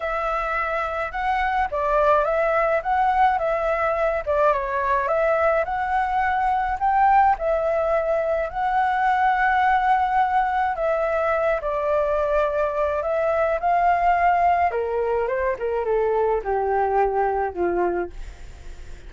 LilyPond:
\new Staff \with { instrumentName = "flute" } { \time 4/4 \tempo 4 = 106 e''2 fis''4 d''4 | e''4 fis''4 e''4. d''8 | cis''4 e''4 fis''2 | g''4 e''2 fis''4~ |
fis''2. e''4~ | e''8 d''2~ d''8 e''4 | f''2 ais'4 c''8 ais'8 | a'4 g'2 f'4 | }